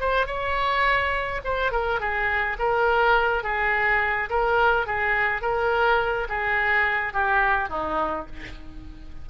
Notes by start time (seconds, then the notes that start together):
0.00 C5
0.26 C#5
1.44 C5
1.71 A#4
2.00 G#4
2.59 A#4
3.43 G#4
4.29 A#4
4.86 G#4
5.42 A#4
6.29 G#4
7.13 G4
7.69 D#4